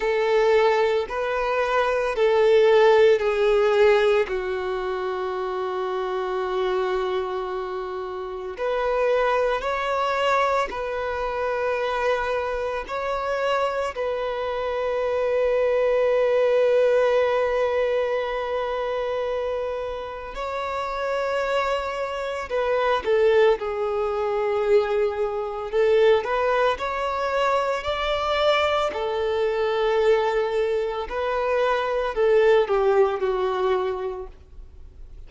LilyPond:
\new Staff \with { instrumentName = "violin" } { \time 4/4 \tempo 4 = 56 a'4 b'4 a'4 gis'4 | fis'1 | b'4 cis''4 b'2 | cis''4 b'2.~ |
b'2. cis''4~ | cis''4 b'8 a'8 gis'2 | a'8 b'8 cis''4 d''4 a'4~ | a'4 b'4 a'8 g'8 fis'4 | }